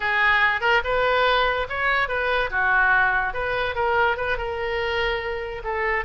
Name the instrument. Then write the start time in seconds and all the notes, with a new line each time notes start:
oboe
0.00 G#4
0.60 A#4
0.84 B4
1.69 C#5
2.08 B4
2.50 F#4
3.33 B4
3.75 A#4
4.16 B4
4.37 A#4
5.64 A4